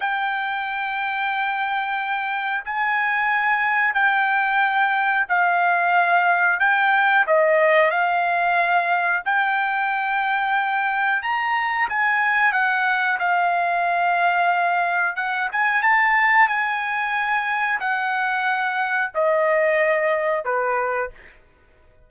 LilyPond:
\new Staff \with { instrumentName = "trumpet" } { \time 4/4 \tempo 4 = 91 g''1 | gis''2 g''2 | f''2 g''4 dis''4 | f''2 g''2~ |
g''4 ais''4 gis''4 fis''4 | f''2. fis''8 gis''8 | a''4 gis''2 fis''4~ | fis''4 dis''2 b'4 | }